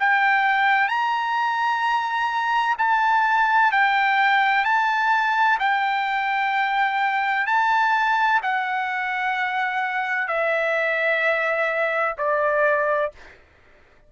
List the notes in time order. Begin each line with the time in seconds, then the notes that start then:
0.00 G5
0.88 A#5
2.78 A5
3.72 G5
4.64 A5
5.60 G5
7.47 A5
8.42 F#5
10.28 E5
12.18 D5